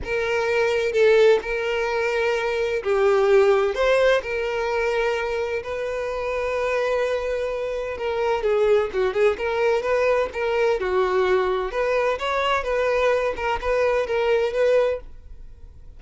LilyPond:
\new Staff \with { instrumentName = "violin" } { \time 4/4 \tempo 4 = 128 ais'2 a'4 ais'4~ | ais'2 g'2 | c''4 ais'2. | b'1~ |
b'4 ais'4 gis'4 fis'8 gis'8 | ais'4 b'4 ais'4 fis'4~ | fis'4 b'4 cis''4 b'4~ | b'8 ais'8 b'4 ais'4 b'4 | }